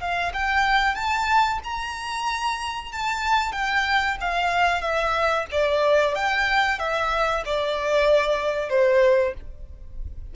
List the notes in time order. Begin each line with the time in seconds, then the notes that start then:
0.00 F5
0.33 G5
0.95 A5
1.64 A#5
2.92 A5
3.52 G5
4.20 F5
4.81 E5
5.51 D5
6.15 G5
6.79 E5
7.45 D5
8.69 C5